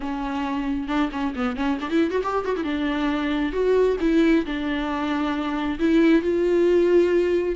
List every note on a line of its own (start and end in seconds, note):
0.00 0.87 C#4
0.87 1.10 D4
1.12 1.34 C#4
1.35 1.56 B3
1.56 1.78 C#4
1.81 1.89 D4
1.89 2.11 E4
2.11 2.22 F#4
2.23 2.44 G4
2.44 2.56 F#4
2.56 2.63 E4
2.63 3.52 D4
3.52 3.97 F#4
4.00 4.45 E4
4.45 5.78 D4
5.79 6.22 E4
6.22 7.55 F4